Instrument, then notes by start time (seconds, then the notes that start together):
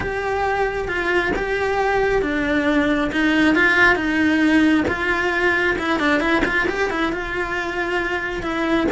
cello
0.00 G4
0.88 F4
1.36 G4
2.22 D4
3.12 D#4
3.55 F4
3.95 D#4
4.88 F4
5.78 E4
5.99 D4
6.20 E4
6.45 F4
6.68 G4
6.90 E4
7.12 F4
8.42 E4